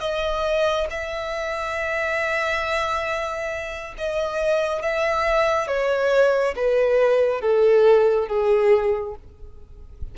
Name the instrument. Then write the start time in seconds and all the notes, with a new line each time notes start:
violin
0.00 D#5
0.90 E5
3.98 D#5
4.82 E5
5.67 C#5
6.56 B4
7.41 A4
8.28 G#4